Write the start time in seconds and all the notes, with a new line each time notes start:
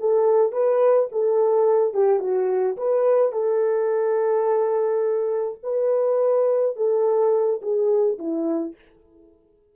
0.00 A4
0.53 B4
1.12 A4
1.94 G4
2.20 F#4
2.77 B4
3.32 A4
5.63 B4
6.76 A4
7.62 G#4
8.19 E4